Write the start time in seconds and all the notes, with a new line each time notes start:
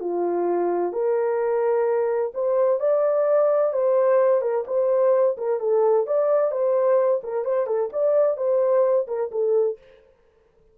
0.00 F4
0.92 A#4
2.34 C5
2.79 D5
3.73 C5
4.41 A#4
4.66 C5
5.37 A#4
5.60 A4
6.06 D5
6.51 C5
7.23 A#4
7.44 C5
7.66 A4
7.92 D5
8.37 C5
9.07 A#4
9.31 A4